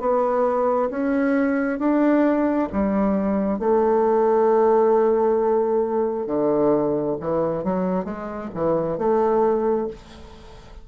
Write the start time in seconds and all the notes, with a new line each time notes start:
0.00 B3
0.90 C#4
1.79 D4
2.73 G3
3.59 A3
6.26 D3
7.20 E3
7.64 F#3
8.05 G#3
8.54 E3
8.98 A3